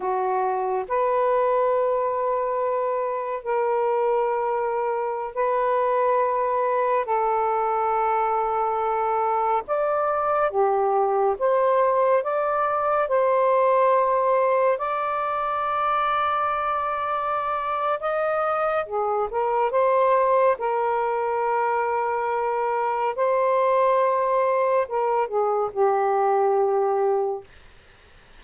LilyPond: \new Staff \with { instrumentName = "saxophone" } { \time 4/4 \tempo 4 = 70 fis'4 b'2. | ais'2~ ais'16 b'4.~ b'16~ | b'16 a'2. d''8.~ | d''16 g'4 c''4 d''4 c''8.~ |
c''4~ c''16 d''2~ d''8.~ | d''4 dis''4 gis'8 ais'8 c''4 | ais'2. c''4~ | c''4 ais'8 gis'8 g'2 | }